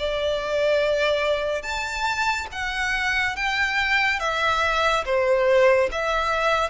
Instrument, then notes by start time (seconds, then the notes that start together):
violin
0.00 D5
1.63 A5
2.53 F#5
3.36 G5
4.20 E5
5.06 C5
5.92 E5